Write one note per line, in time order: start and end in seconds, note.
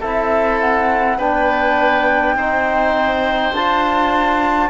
0.00 1.19 C4
0.00 1.20 E4
0.00 1.18 A4
0.00 0.60 E5
0.61 1.19 F#5
1.18 2.35 B3
1.18 2.37 D4
1.18 2.36 B4
1.18 3.54 G5
2.35 3.52 C4
2.35 3.54 D#4
2.35 4.70 C5
3.53 4.70 D4
3.53 4.70 F4
3.53 4.70 A5